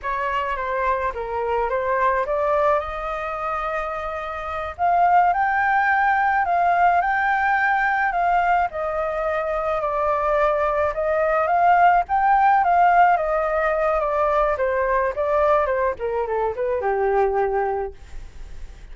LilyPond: \new Staff \with { instrumentName = "flute" } { \time 4/4 \tempo 4 = 107 cis''4 c''4 ais'4 c''4 | d''4 dis''2.~ | dis''8 f''4 g''2 f''8~ | f''8 g''2 f''4 dis''8~ |
dis''4. d''2 dis''8~ | dis''8 f''4 g''4 f''4 dis''8~ | dis''4 d''4 c''4 d''4 | c''8 ais'8 a'8 b'8 g'2 | }